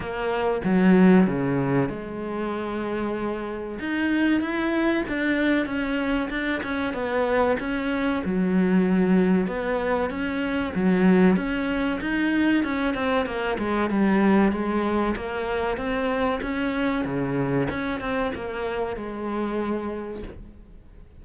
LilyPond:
\new Staff \with { instrumentName = "cello" } { \time 4/4 \tempo 4 = 95 ais4 fis4 cis4 gis4~ | gis2 dis'4 e'4 | d'4 cis'4 d'8 cis'8 b4 | cis'4 fis2 b4 |
cis'4 fis4 cis'4 dis'4 | cis'8 c'8 ais8 gis8 g4 gis4 | ais4 c'4 cis'4 cis4 | cis'8 c'8 ais4 gis2 | }